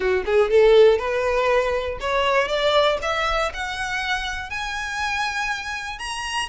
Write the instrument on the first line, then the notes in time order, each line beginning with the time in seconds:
violin
0.00 F#4
0.25 G#4
0.50 A4
0.98 B4
2.00 C#5
2.48 D5
3.01 E5
3.53 F#5
4.50 G#5
5.99 A#5